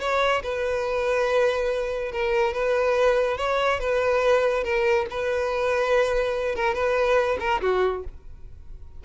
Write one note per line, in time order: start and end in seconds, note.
0.00 0.42 C#5
0.43 2.12 B4
2.12 2.53 A#4
2.53 3.37 B4
3.37 3.80 C#5
3.80 4.64 B4
4.64 5.06 A#4
5.10 6.56 B4
6.56 6.74 A#4
6.74 7.38 B4
7.40 7.61 A#4
7.61 8.04 F#4